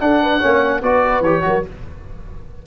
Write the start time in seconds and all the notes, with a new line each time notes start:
0.00 D4 A4 F#5
0.23 B4
0.39 A#3 C#4 C#5
0.82 B3 F#4 B4 D5
1.21 E3 G4 C#5
1.42 F#3 F#4 A#4